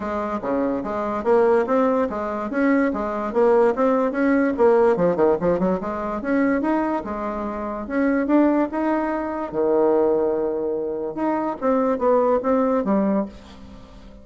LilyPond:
\new Staff \with { instrumentName = "bassoon" } { \time 4/4 \tempo 4 = 145 gis4 cis4 gis4 ais4 | c'4 gis4 cis'4 gis4 | ais4 c'4 cis'4 ais4 | f8 dis8 f8 fis8 gis4 cis'4 |
dis'4 gis2 cis'4 | d'4 dis'2 dis4~ | dis2. dis'4 | c'4 b4 c'4 g4 | }